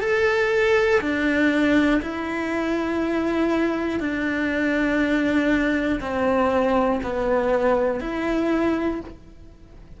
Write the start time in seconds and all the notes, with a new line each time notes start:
0.00 A4
1.00 D4
2.01 E4
4.00 D4
6.00 C4
7.03 B3
8.00 E4